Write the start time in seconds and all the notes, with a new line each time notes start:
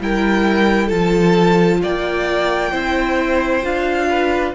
0.00 G3 E4 A#4 G5
0.86 F3 F4 A4 A5
1.82 A#3 D5 G5
2.71 C4 E4 C5
3.63 D4 F4 F5
4.09 B4